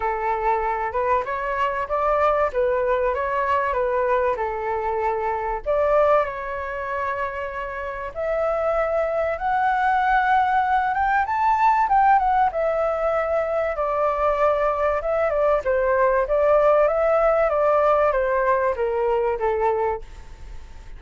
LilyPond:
\new Staff \with { instrumentName = "flute" } { \time 4/4 \tempo 4 = 96 a'4. b'8 cis''4 d''4 | b'4 cis''4 b'4 a'4~ | a'4 d''4 cis''2~ | cis''4 e''2 fis''4~ |
fis''4. g''8 a''4 g''8 fis''8 | e''2 d''2 | e''8 d''8 c''4 d''4 e''4 | d''4 c''4 ais'4 a'4 | }